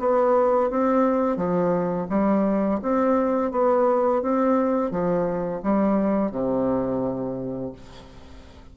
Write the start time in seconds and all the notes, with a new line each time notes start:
0.00 B3
0.71 C4
1.37 F3
2.10 G3
2.82 C4
3.52 B3
4.23 C4
4.91 F3
5.63 G3
6.32 C3